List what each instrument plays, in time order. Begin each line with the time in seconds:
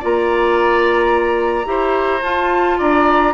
0.00 bassoon A#3, clarinet F4, oboe D5, flute A#5
1.65 bassoon E4, clarinet G4, oboe C5
2.23 bassoon F4, clarinet F4, flute A5
2.78 bassoon D4, oboe D5, flute A#5